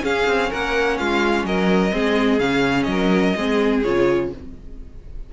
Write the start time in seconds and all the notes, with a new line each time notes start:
0.00 C#4 G#4 F5
0.27 C4
0.49 A#3 A#4 F#5
0.98 G#3 F4 F5
1.44 F#3 A#4 D#5
1.91 G#3 C4 G#4
2.39 C#3 C#4 F5
2.83 F#3 D#5
2.90 A#4
3.36 G#3 C4 G#4
3.83 C#3 F4 C#5